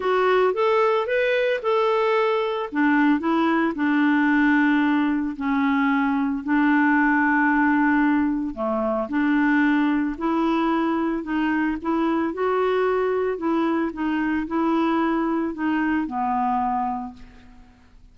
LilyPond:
\new Staff \with { instrumentName = "clarinet" } { \time 4/4 \tempo 4 = 112 fis'4 a'4 b'4 a'4~ | a'4 d'4 e'4 d'4~ | d'2 cis'2 | d'1 |
a4 d'2 e'4~ | e'4 dis'4 e'4 fis'4~ | fis'4 e'4 dis'4 e'4~ | e'4 dis'4 b2 | }